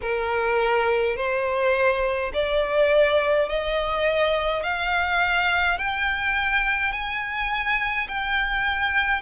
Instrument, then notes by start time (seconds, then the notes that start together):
violin
0.01 A#4
1.16 C5
2.33 D5
3.48 D#5
4.63 F5
5.78 G5
6.92 G#5
8.08 G5